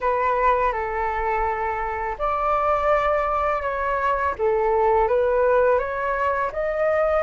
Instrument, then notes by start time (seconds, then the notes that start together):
flute
0.00 B4
0.72 A4
2.18 D5
3.62 C#5
4.38 A4
5.08 B4
5.78 C#5
6.52 D#5